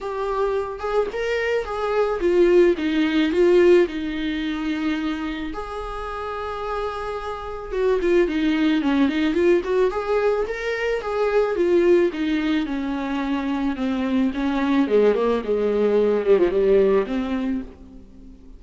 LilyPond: \new Staff \with { instrumentName = "viola" } { \time 4/4 \tempo 4 = 109 g'4. gis'8 ais'4 gis'4 | f'4 dis'4 f'4 dis'4~ | dis'2 gis'2~ | gis'2 fis'8 f'8 dis'4 |
cis'8 dis'8 f'8 fis'8 gis'4 ais'4 | gis'4 f'4 dis'4 cis'4~ | cis'4 c'4 cis'4 gis8 ais8 | gis4. g16 f16 g4 c'4 | }